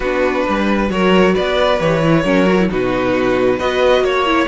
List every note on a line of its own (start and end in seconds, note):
0.00 0.45 B3
0.00 0.88 D4
0.00 0.45 F#4
0.00 0.89 B4
0.47 0.90 G3
0.47 0.92 B4
0.88 1.34 F#3
0.88 1.77 F#4
0.88 1.33 A#4
0.88 1.34 C#5
1.33 1.80 B3
1.33 2.22 B4
1.33 1.80 D5
1.79 2.25 E3
1.79 2.01 G4
1.79 2.69 C#5
2.03 2.25 E4
2.24 2.69 F#3
2.24 2.46 C#4
2.24 2.68 A#4
2.46 2.57 F#4
2.60 2.68 E4
2.68 3.59 B2
2.68 3.58 D#4
2.68 3.57 F#4
2.68 3.59 B4
3.57 4.00 B3
3.57 4.26 F#4
3.57 4.02 B4
3.57 4.04 D#5
4.00 4.45 A#3
4.00 4.47 C#5
4.26 4.47 E4